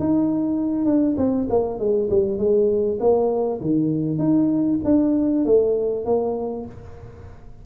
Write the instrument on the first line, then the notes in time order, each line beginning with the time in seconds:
tuba
0.00 D#4
0.86 D4
1.18 C4
1.50 A#3
1.79 G#3
2.10 G3
2.39 G#3
3.00 A#3
3.61 D#3
4.19 D#4
4.85 D4
5.45 A3
6.06 A#3